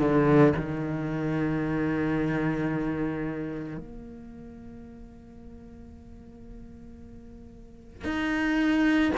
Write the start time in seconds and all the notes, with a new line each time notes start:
0.00 D3
0.56 D#3
3.78 A#3
8.05 D#4